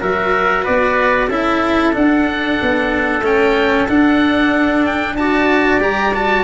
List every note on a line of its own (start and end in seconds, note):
0.00 0.67 F#3
0.00 1.29 F#4
0.00 0.63 A#4
0.00 0.65 E5
0.63 1.28 B3
0.63 1.28 B4
0.63 1.30 D5
1.28 1.93 C#4
1.28 1.93 E4
1.28 5.15 A4
1.28 1.95 E5
1.93 3.22 D4
1.93 2.59 D4
1.93 3.25 F#5
2.61 3.21 B3
3.21 3.86 A3
3.21 3.88 C#4
3.21 3.88 G5
3.88 5.18 D4
3.88 5.79 D4
3.88 4.85 F#5
4.85 5.16 G5
5.16 5.80 F#4
5.16 6.43 D5
5.16 5.80 A5
5.79 6.43 G3
5.79 6.12 G4
5.79 6.14 A#5
6.14 6.43 F#4
6.14 6.43 A5